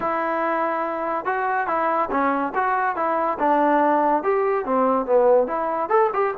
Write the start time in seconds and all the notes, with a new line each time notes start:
0.00 E4
1.25 F#4
1.67 E4
2.10 C#4
2.54 F#4
2.95 E4
3.39 D4
4.23 G4
4.65 C4
5.06 B3
5.47 E4
5.89 A4
6.13 G4